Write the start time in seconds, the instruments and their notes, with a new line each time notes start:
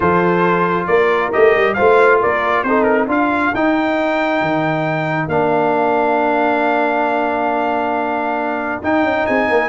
0.00 tuba F3, trombone F4, horn A4, trumpet C5
0.86 tuba A#3, horn A#4, trumpet D5
1.32 tuba A3, trombone G4, trumpet D#5
1.55 tuba G3
1.74 tuba A3, trombone F4, horn C5, trumpet F5
2.20 tuba A#3, horn A#4, trumpet D5
2.63 tuba C4, trombone D#4, horn A4, trumpet C5
2.83 trumpet A#4
3.07 tuba D4, trombone F4, horn A#4, trumpet F5
3.53 tuba D#4, trombone D#4, trumpet G5
4.41 tuba D#3
5.27 tuba A#3, trombone D4, trumpet F5
8.82 trombone D#4, tuba D#4, trumpet G5
9.03 tuba C#4
9.26 tuba C4, horn G#4, trumpet G#5
9.49 tuba A#3, horn A#4